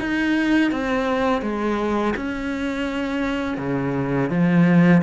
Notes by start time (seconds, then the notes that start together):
0.00 D#4
0.72 C4
1.42 G#3
2.17 C#4
3.58 C#3
4.30 F3